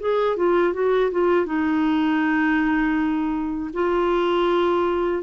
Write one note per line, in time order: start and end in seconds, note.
0.00 0.37 G#4
0.37 0.74 F4
0.74 1.11 F#4
1.11 1.46 F4
1.46 3.71 D#4
3.74 5.23 F4